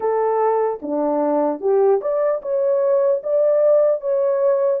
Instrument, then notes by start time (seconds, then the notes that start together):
horn
0.00 A4
0.82 D4
1.60 G4
2.01 D5
2.42 C#5
3.23 D5
4.00 C#5